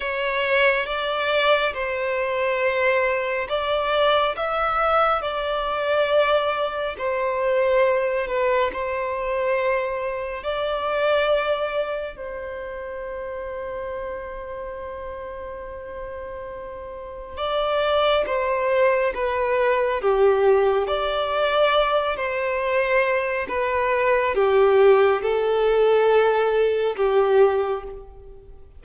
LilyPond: \new Staff \with { instrumentName = "violin" } { \time 4/4 \tempo 4 = 69 cis''4 d''4 c''2 | d''4 e''4 d''2 | c''4. b'8 c''2 | d''2 c''2~ |
c''1 | d''4 c''4 b'4 g'4 | d''4. c''4. b'4 | g'4 a'2 g'4 | }